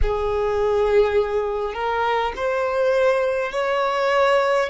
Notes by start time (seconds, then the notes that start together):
0.02 G#4
1.74 A#4
2.35 C5
3.52 C#5